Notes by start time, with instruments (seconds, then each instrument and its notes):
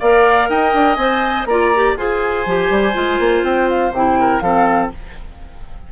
0.00 bassoon A#3, clarinet A#4, oboe D5, flute F5
0.50 bassoon D#4, oboe D#5, flute G5
0.74 bassoon D4
0.95 bassoon C4, clarinet C5, flute G#5
1.46 bassoon A#3, clarinet F4, oboe D5, flute A#5
1.76 clarinet G4
1.97 bassoon F4, clarinet G#4, oboe C5, flute G#5
2.46 bassoon F3, clarinet G4
2.70 bassoon G3
2.94 bassoon G#3, clarinet F4
3.20 bassoon A#3
3.43 bassoon C4, flute G5
3.70 flute F5
3.93 bassoon C3, clarinet E4, flute G5
4.20 oboe A#4
4.41 bassoon F3, clarinet C4, oboe A4, flute F5